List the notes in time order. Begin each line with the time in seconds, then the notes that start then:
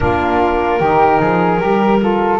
0.00 A#3 D4 F4 A#4
0.79 D#3 D#4 G4
1.20 F3 G#4
1.59 G3 G4 A#4
1.99 F4 A4